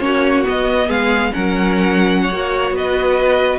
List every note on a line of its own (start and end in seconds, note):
0.00 0.44 A#3
0.00 0.43 C#4
0.00 0.88 F#4
0.00 0.44 C#5
0.45 1.32 B3
0.45 0.89 B3
0.45 0.91 D#5
0.88 1.33 G#3
0.88 1.31 G#4
0.88 1.34 F5
1.33 2.31 F#3
1.33 2.31 C#4
1.33 2.22 A#4
1.33 2.75 F#5
2.22 2.76 C#5
2.31 2.71 A#3
2.31 3.60 F#4
2.71 3.58 B3
2.71 3.60 B4
2.78 3.60 D#5